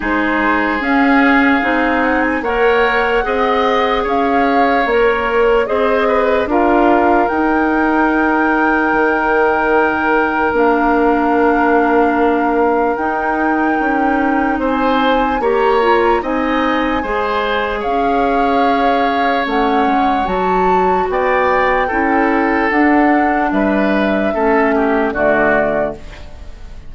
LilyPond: <<
  \new Staff \with { instrumentName = "flute" } { \time 4/4 \tempo 4 = 74 c''4 f''4. fis''16 gis''16 fis''4~ | fis''4 f''4 cis''4 dis''4 | f''4 g''2.~ | g''4 f''2. |
g''2 gis''4 ais''4 | gis''2 f''2 | fis''4 a''4 g''2 | fis''4 e''2 d''4 | }
  \new Staff \with { instrumentName = "oboe" } { \time 4/4 gis'2. cis''4 | dis''4 cis''2 c''8 b'8 | ais'1~ | ais'1~ |
ais'2 c''4 cis''4 | dis''4 c''4 cis''2~ | cis''2 d''4 a'4~ | a'4 b'4 a'8 g'8 fis'4 | }
  \new Staff \with { instrumentName = "clarinet" } { \time 4/4 dis'4 cis'4 dis'4 ais'4 | gis'2 ais'4 gis'4 | f'4 dis'2.~ | dis'4 d'2. |
dis'2. g'8 f'8 | dis'4 gis'2. | cis'4 fis'2 e'4 | d'2 cis'4 a4 | }
  \new Staff \with { instrumentName = "bassoon" } { \time 4/4 gis4 cis'4 c'4 ais4 | c'4 cis'4 ais4 c'4 | d'4 dis'2 dis4~ | dis4 ais2. |
dis'4 cis'4 c'4 ais4 | c'4 gis4 cis'2 | a8 gis8 fis4 b4 cis'4 | d'4 g4 a4 d4 | }
>>